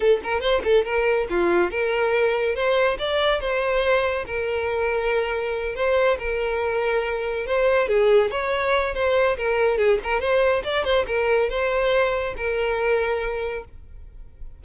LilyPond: \new Staff \with { instrumentName = "violin" } { \time 4/4 \tempo 4 = 141 a'8 ais'8 c''8 a'8 ais'4 f'4 | ais'2 c''4 d''4 | c''2 ais'2~ | ais'4. c''4 ais'4.~ |
ais'4. c''4 gis'4 cis''8~ | cis''4 c''4 ais'4 gis'8 ais'8 | c''4 d''8 c''8 ais'4 c''4~ | c''4 ais'2. | }